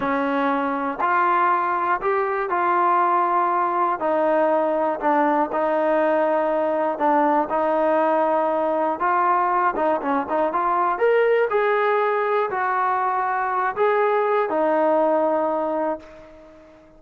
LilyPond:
\new Staff \with { instrumentName = "trombone" } { \time 4/4 \tempo 4 = 120 cis'2 f'2 | g'4 f'2. | dis'2 d'4 dis'4~ | dis'2 d'4 dis'4~ |
dis'2 f'4. dis'8 | cis'8 dis'8 f'4 ais'4 gis'4~ | gis'4 fis'2~ fis'8 gis'8~ | gis'4 dis'2. | }